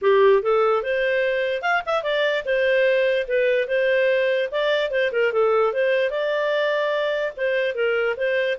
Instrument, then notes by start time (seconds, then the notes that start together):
clarinet
0.01 G4
0.42 A4
0.83 C5
1.62 F5
1.86 E5
2.03 D5
2.45 C5
3.27 B4
3.67 C5
4.51 D5
4.90 C5
5.12 A#4
5.32 A4
5.73 C5
6.10 D5
7.36 C5
7.74 A#4
8.16 C5